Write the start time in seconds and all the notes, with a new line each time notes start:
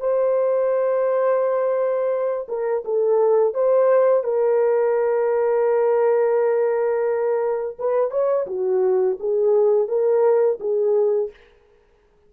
0.00 C5
2.49 A#4
2.85 A4
3.54 C5
4.24 A#4
7.79 B4
8.11 C#5
8.47 F#4
9.20 G#4
9.88 A#4
10.60 G#4